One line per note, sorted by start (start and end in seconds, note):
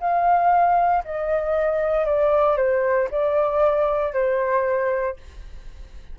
0.00 1.03 F5
1.04 2.06 D#5
2.06 2.57 D5
2.57 3.08 C5
3.11 4.13 D5
4.13 5.17 C5